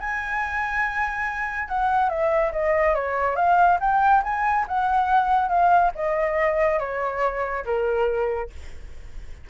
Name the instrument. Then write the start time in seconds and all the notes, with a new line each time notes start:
flute
0.00 G#5
1.68 F#5
2.09 E5
2.52 D#5
2.95 C#5
3.36 F5
3.80 G5
4.23 G#5
4.68 F#5
5.49 F5
5.95 D#5
6.79 C#5
7.65 A#4